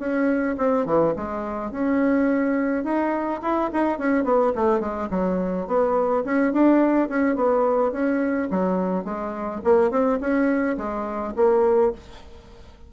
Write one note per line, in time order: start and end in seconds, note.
0.00 0.57 C#4
0.58 0.86 C4
0.86 1.14 E3
1.17 1.72 G#3
1.72 2.84 C#4
2.84 3.41 D#4
3.42 3.71 E4
3.73 3.99 D#4
3.99 4.25 C#4
4.25 4.53 B3
4.56 4.81 A3
4.81 5.09 G#3
5.11 5.68 F#3
5.68 6.24 B3
6.25 6.53 C#4
6.53 7.09 D4
7.09 7.36 C#4
7.36 7.93 B3
7.93 8.49 C#4
8.51 9.05 F#3
9.05 9.62 G#3
9.64 9.91 A#3
9.91 10.20 C4
10.21 10.77 C#4
10.78 11.34 G#3
11.36 11.93 A#3